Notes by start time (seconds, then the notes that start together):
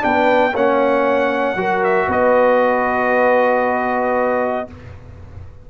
0.00 B3 D4 B4 G5
0.54 A#3 C#4 C#5 F#5
1.56 F#3 F#4 A#4
1.84 E5
2.08 B3 B4 D#5